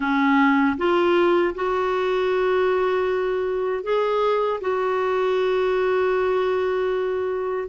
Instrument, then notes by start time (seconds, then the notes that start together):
clarinet
0.00 C#4
0.77 F4
1.55 F#4
3.83 G#4
4.60 F#4